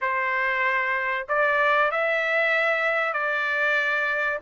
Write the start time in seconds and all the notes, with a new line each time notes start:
0.01 C5
1.28 D5
1.91 E5
3.13 D5